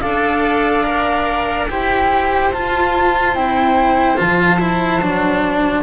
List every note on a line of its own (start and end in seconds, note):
0.00 1.69 D4
0.00 0.84 A4
0.00 1.68 D5
0.00 1.67 F5
0.84 1.67 A#4
1.69 2.52 E4
1.69 2.52 G4
1.69 5.84 C5
1.69 2.52 G5
2.52 3.33 F4
2.52 3.36 F4
2.52 3.35 A5
3.33 4.16 C4
3.33 4.17 E4
3.33 4.18 G5
4.17 5.02 F3
4.17 4.59 F4
4.17 5.84 A5
4.60 5.01 E4
5.02 5.84 F#3
5.02 5.84 D4